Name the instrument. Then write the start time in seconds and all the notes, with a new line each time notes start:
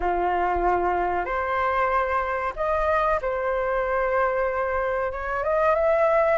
flute
0.00 F4
1.25 C5
2.56 D#5
3.21 C5
5.12 C#5
5.43 D#5
5.74 E5